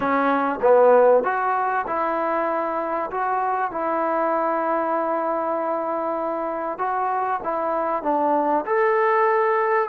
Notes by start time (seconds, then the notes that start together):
0.00 C#4
0.61 B3
1.23 F#4
1.86 E4
3.10 F#4
3.71 E4
6.78 F#4
7.43 E4
8.02 D4
8.65 A4